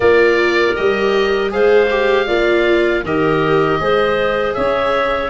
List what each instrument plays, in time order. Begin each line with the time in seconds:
0.00 tuba A#3, viola F4, clarinet A#4, oboe D5
0.75 tuba G3, viola G4, oboe D#5
1.50 tuba G#3, viola G#4, clarinet C5, oboe F5
1.90 viola G4
2.26 tuba A#3, viola F4, clarinet D5
3.03 tuba D#3, viola G4, clarinet A#4, oboe D#5
3.79 tuba G#3, viola G#4, clarinet C5
4.54 tuba C#4, clarinet C#5, oboe E5